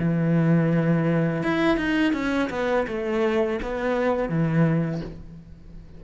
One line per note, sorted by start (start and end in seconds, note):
0.00 1.43 E3
1.43 1.78 E4
1.78 2.14 D#4
2.14 2.50 C#4
2.50 2.87 B3
2.88 3.60 A3
3.63 4.29 B3
4.29 5.01 E3